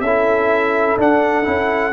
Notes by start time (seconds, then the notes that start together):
0.00 C#4 E4 A4 E5
0.97 D4 F#5
1.43 C#4 E4